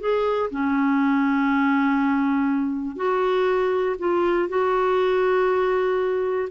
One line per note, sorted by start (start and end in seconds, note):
0.00 0.50 G#4
0.51 2.96 C#4
2.96 3.96 F#4
3.99 4.49 F4
4.49 6.49 F#4